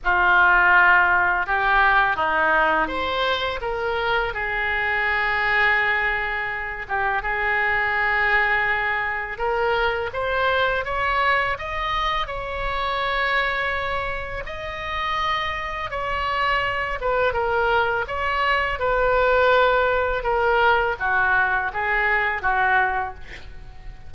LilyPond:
\new Staff \with { instrumentName = "oboe" } { \time 4/4 \tempo 4 = 83 f'2 g'4 dis'4 | c''4 ais'4 gis'2~ | gis'4. g'8 gis'2~ | gis'4 ais'4 c''4 cis''4 |
dis''4 cis''2. | dis''2 cis''4. b'8 | ais'4 cis''4 b'2 | ais'4 fis'4 gis'4 fis'4 | }